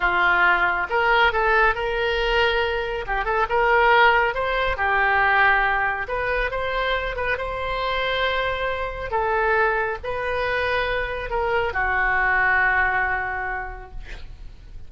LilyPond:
\new Staff \with { instrumentName = "oboe" } { \time 4/4 \tempo 4 = 138 f'2 ais'4 a'4 | ais'2. g'8 a'8 | ais'2 c''4 g'4~ | g'2 b'4 c''4~ |
c''8 b'8 c''2.~ | c''4 a'2 b'4~ | b'2 ais'4 fis'4~ | fis'1 | }